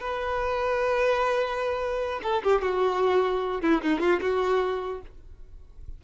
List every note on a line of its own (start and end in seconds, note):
0.00 2.20 B4
2.22 2.42 A4
2.43 2.61 G4
2.61 3.61 F#4
3.61 3.81 E4
3.82 4.00 D#4
4.00 4.20 F4
4.21 5.01 F#4